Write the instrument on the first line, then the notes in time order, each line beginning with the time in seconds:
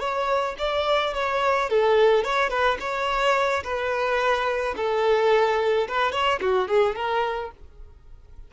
violin
0.00 C#5
0.59 D5
1.14 C#5
1.70 A4
2.24 C#5
2.50 B4
2.80 C#5
3.64 B4
4.77 A4
5.88 B4
6.12 C#5
6.41 F#4
6.68 G#4
6.96 A#4